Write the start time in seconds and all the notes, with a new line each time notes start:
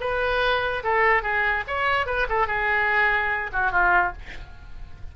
0.00 B4
0.83 A4
1.22 G#4
1.67 C#5
2.06 B4
2.29 A4
2.47 G#4
3.52 F#4
3.71 F4